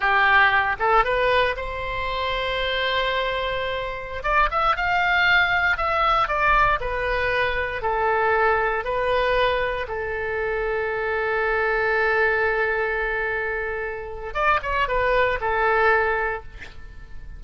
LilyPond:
\new Staff \with { instrumentName = "oboe" } { \time 4/4 \tempo 4 = 117 g'4. a'8 b'4 c''4~ | c''1~ | c''16 d''8 e''8 f''2 e''8.~ | e''16 d''4 b'2 a'8.~ |
a'4~ a'16 b'2 a'8.~ | a'1~ | a'1 | d''8 cis''8 b'4 a'2 | }